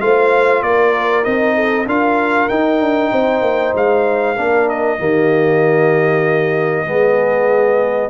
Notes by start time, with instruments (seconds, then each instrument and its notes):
0.00 tuba A3, trombone F4, horn C5, trumpet F5
0.62 tuba A#3, horn A#4, trumpet D5
1.23 tuba C4, trombone D#4, trumpet D#5
1.55 horn A4
1.86 tuba D4, trombone F4, horn A#4, trumpet F5
2.48 tuba D#4, trombone D#4, trumpet G5
2.80 tuba D4
3.11 tuba C4, horn C5
3.41 tuba A#3
3.74 tuba G#3, trumpet F5
4.35 tuba A#3, trombone D4, horn A#4
4.68 trumpet D#5
4.98 tuba D#3, trombone A#3, horn G4
6.85 tuba G#3, trombone B3, horn G#4